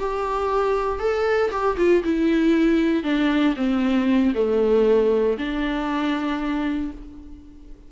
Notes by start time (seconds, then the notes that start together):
0.00 G4
1.00 A4
1.51 G4
1.78 F4
2.04 E4
3.04 D4
3.57 C4
4.35 A3
5.38 D4